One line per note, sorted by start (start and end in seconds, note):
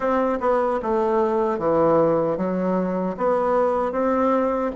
0.00 0.38 C4
0.40 0.80 B3
0.82 1.58 A3
1.58 2.37 E3
2.37 3.16 F#3
3.17 3.92 B3
3.92 4.71 C4